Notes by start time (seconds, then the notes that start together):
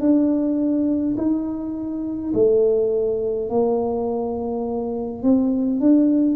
0.00 D4
1.17 D#4
2.34 A3
3.49 A#3
5.22 C4
5.80 D4